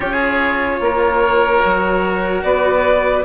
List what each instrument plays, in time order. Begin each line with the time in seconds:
0.00 bassoon C#4, cello F4, oboe G#4, violin C#5
0.80 bassoon A#3, oboe A#4
1.59 bassoon F#3, cello F#4
2.43 bassoon B3, oboe B4, violin D5